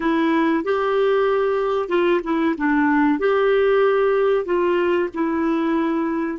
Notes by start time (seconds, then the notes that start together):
0.00 E4
0.64 G4
1.89 F4
2.23 E4
2.57 D4
3.19 G4
4.45 F4
5.14 E4